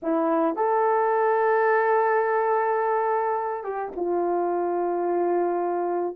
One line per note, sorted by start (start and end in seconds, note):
0.02 0.56 E4
0.56 3.63 A4
3.63 3.91 G4
3.96 6.16 F4